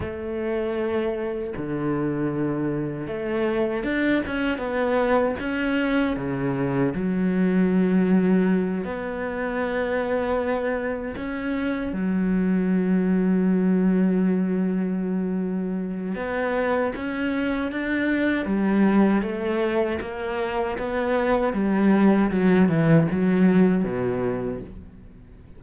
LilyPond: \new Staff \with { instrumentName = "cello" } { \time 4/4 \tempo 4 = 78 a2 d2 | a4 d'8 cis'8 b4 cis'4 | cis4 fis2~ fis8 b8~ | b2~ b8 cis'4 fis8~ |
fis1~ | fis4 b4 cis'4 d'4 | g4 a4 ais4 b4 | g4 fis8 e8 fis4 b,4 | }